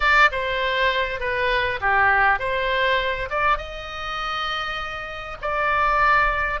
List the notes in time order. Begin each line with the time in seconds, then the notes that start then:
0.00 D5
0.31 C5
1.19 B4
1.80 G4
2.39 C5
3.29 D5
3.57 D#5
5.41 D5